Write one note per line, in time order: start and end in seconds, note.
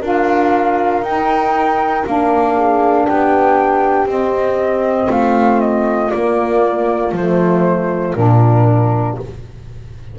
0.00 1.03 D4
0.00 1.04 F4
0.00 2.54 A#4
0.00 1.04 F5
1.03 2.04 D#4
1.03 2.07 D#4
1.03 2.06 G5
2.07 3.08 A#3
2.07 4.07 D4
2.07 3.06 F5
2.56 3.07 G#4
3.06 4.06 B3
3.06 5.10 G4
3.06 4.08 G5
4.06 5.08 C4
4.06 6.11 C4
4.06 5.11 D#5
5.10 6.12 A3
5.10 9.16 F4
5.10 5.61 F5
5.61 6.11 D#5
6.11 7.14 A#3
6.11 7.12 A#3
6.11 7.12 D5
7.12 8.14 F3
7.12 8.17 A3
7.12 8.15 C5
8.15 9.18 A#2
8.15 9.19 D4
8.15 9.17 A#4